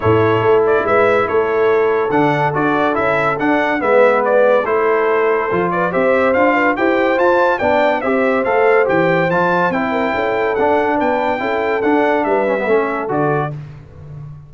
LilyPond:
<<
  \new Staff \with { instrumentName = "trumpet" } { \time 4/4 \tempo 4 = 142 cis''4. d''8 e''4 cis''4~ | cis''4 fis''4 d''4 e''4 | fis''4 e''4 d''4 c''4~ | c''4. d''8 e''4 f''4 |
g''4 a''4 g''4 e''4 | f''4 g''4 a''4 g''4~ | g''4 fis''4 g''2 | fis''4 e''2 d''4 | }
  \new Staff \with { instrumentName = "horn" } { \time 4/4 a'2 b'4 a'4~ | a'1~ | a'4 b'2 a'4~ | a'4. b'8 c''4. b'8 |
c''2 d''4 c''4~ | c''2.~ c''8 ais'8 | a'2 b'4 a'4~ | a'4 b'4 a'2 | }
  \new Staff \with { instrumentName = "trombone" } { \time 4/4 e'1~ | e'4 d'4 fis'4 e'4 | d'4 b2 e'4~ | e'4 f'4 g'4 f'4 |
g'4 f'4 d'4 g'4 | a'4 g'4 f'4 e'4~ | e'4 d'2 e'4 | d'4. cis'16 b16 cis'4 fis'4 | }
  \new Staff \with { instrumentName = "tuba" } { \time 4/4 a,4 a4 gis4 a4~ | a4 d4 d'4 cis'4 | d'4 gis2 a4~ | a4 f4 c'4 d'4 |
e'4 f'4 b4 c'4 | a4 e4 f4 c'4 | cis'4 d'4 b4 cis'4 | d'4 g4 a4 d4 | }
>>